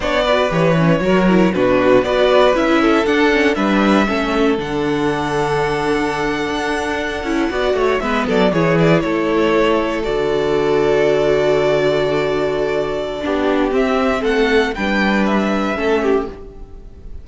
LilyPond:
<<
  \new Staff \with { instrumentName = "violin" } { \time 4/4 \tempo 4 = 118 d''4 cis''2 b'4 | d''4 e''4 fis''4 e''4~ | e''4 fis''2.~ | fis''2.~ fis''8. e''16~ |
e''16 d''8 cis''8 d''8 cis''2 d''16~ | d''1~ | d''2. e''4 | fis''4 g''4 e''2 | }
  \new Staff \with { instrumentName = "violin" } { \time 4/4 cis''8 b'4. ais'4 fis'4 | b'4. a'4. b'4 | a'1~ | a'2~ a'8. d''8 cis''8 b'16~ |
b'16 a'8 gis'4 a'2~ a'16~ | a'1~ | a'2 g'2 | a'4 b'2 a'8 g'8 | }
  \new Staff \with { instrumentName = "viola" } { \time 4/4 d'8 fis'8 g'8 cis'8 fis'8 e'8 d'4 | fis'4 e'4 d'8 cis'8 d'4 | cis'4 d'2.~ | d'2~ d'16 e'8 fis'4 b16~ |
b8. e'2. fis'16~ | fis'1~ | fis'2 d'4 c'4~ | c'4 d'2 cis'4 | }
  \new Staff \with { instrumentName = "cello" } { \time 4/4 b4 e4 fis4 b,4 | b4 cis'4 d'4 g4 | a4 d2.~ | d8. d'4. cis'8 b8 a8 gis16~ |
gis16 fis8 e4 a2 d16~ | d1~ | d2 b4 c'4 | a4 g2 a4 | }
>>